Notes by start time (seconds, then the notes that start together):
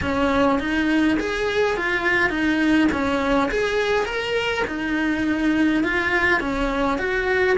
0.01 C#4
0.59 D#4
1.19 G#4
1.77 F4
2.29 D#4
2.92 C#4
3.51 G#4
4.05 A#4
4.67 D#4
5.83 F4
6.40 C#4
6.98 F#4